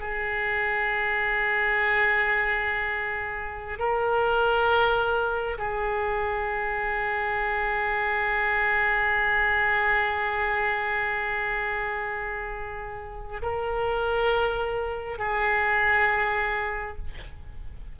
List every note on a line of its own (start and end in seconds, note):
0.00 3.79 G#4
3.79 5.58 A#4
5.58 13.42 G#4
13.42 15.19 A#4
15.19 16.98 G#4